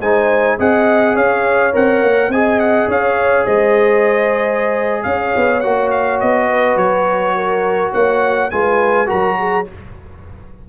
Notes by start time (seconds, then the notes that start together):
0.00 G#3 D#4 C5 G#5
0.58 C4 G#4 D#5 F#5
1.15 C#4 C#5 F5
1.72 C4 A#4 F#5
2.02 A#3
2.28 C4 G#4 D#5 G#5
2.59 F#5
2.87 C#4 C#5 F5
3.44 G#3 C5 D#5
5.03 C#4 C#5 F5
5.36 B3
5.60 A#3 F#4 F#5
5.90 F5
6.20 B3 D#5
6.48 B4
6.76 F#3 C#5
7.35 A#4
7.92 A#3 C#5 F#5
8.50 G#3 F4 B4 G#5
9.06 F#3 F#4 A#4 A#5
9.38 G#4